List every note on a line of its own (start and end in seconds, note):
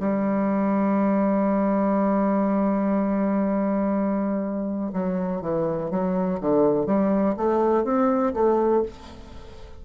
0.00 4.92 G3
4.94 5.41 F#3
5.41 5.91 E3
5.91 6.40 F#3
6.41 6.86 D3
6.86 7.35 G3
7.37 7.84 A3
7.84 8.33 C4
8.34 8.83 A3